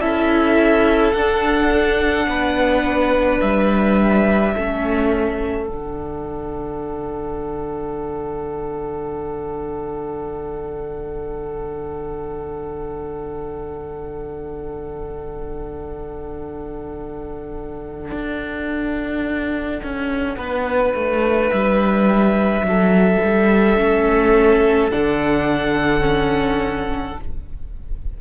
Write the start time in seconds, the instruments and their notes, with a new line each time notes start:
0.00 cello C#4, viola E4, violin A4 E5
1.12 cello D4, viola D4, violin F#5
2.27 cello B3, violin B4
3.41 cello G3, violin E5
4.54 cello A3, viola C#4, violin A4
5.67 cello D3, viola D4, violin F#5
18.11 cello D4
19.83 cello C#4
20.37 cello B3, violin B4
20.94 cello A3
21.50 cello G3, violin E5
22.61 cello F#3
22.68 violin A4
23.24 cello G3
23.77 cello A3, viola C#4
24.91 cello D3, viola D4, violin F#5
26.00 viola C#4